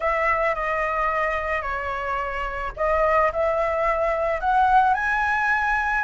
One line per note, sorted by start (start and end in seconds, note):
0.00 0.54 E5
0.54 1.62 D#5
1.62 2.72 C#5
2.76 3.31 D#5
3.32 4.40 E5
4.40 4.93 F#5
4.93 6.04 G#5